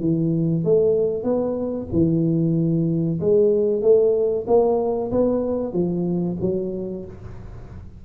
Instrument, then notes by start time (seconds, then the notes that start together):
tuba
0.00 E3
0.64 A3
1.23 B3
1.92 E3
3.20 G#3
3.82 A3
4.47 A#3
5.11 B3
5.73 F3
6.41 F#3